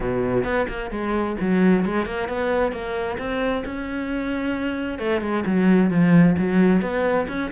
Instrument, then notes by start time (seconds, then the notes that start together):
cello
0.00 B2
0.44 B3
0.68 A#3
0.90 G#3
1.40 F#3
1.85 G#3
2.05 A#3
2.28 B3
2.71 A#3
3.18 C4
3.65 C#4
4.98 A3
5.21 G#3
5.45 F#3
5.90 F3
6.38 F#3
6.81 B3
7.27 C#4